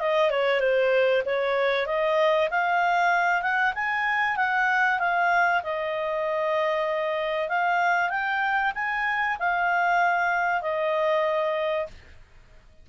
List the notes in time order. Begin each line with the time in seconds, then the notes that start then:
0.00 D#5
0.31 C#5
0.61 C5
1.26 C#5
1.87 D#5
2.51 F5
3.42 F#5
3.75 G#5
4.37 F#5
5.00 F5
5.64 D#5
7.49 F5
8.10 G5
8.75 G#5
9.40 F5
10.62 D#5